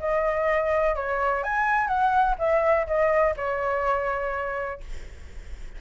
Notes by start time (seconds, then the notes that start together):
0.00 D#5
0.96 C#5
1.44 G#5
1.88 F#5
2.39 E5
2.87 D#5
3.37 C#5